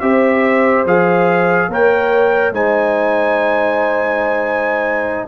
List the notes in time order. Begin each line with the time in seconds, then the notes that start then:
0.00 C4 G4 C5 E5
0.85 F3 G#4 F5
1.68 A#3 A#4 C#5 G5
2.51 G#3 D#4 C5 G#5